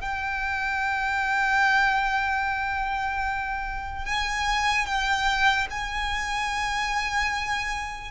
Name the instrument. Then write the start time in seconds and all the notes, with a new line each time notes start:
violin
0.00 G5
4.06 G#5
4.86 G5
5.70 G#5